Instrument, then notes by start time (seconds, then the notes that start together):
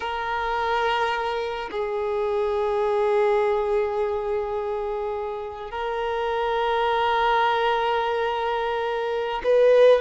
violin
0.00 A#4
1.71 G#4
5.70 A#4
9.43 B4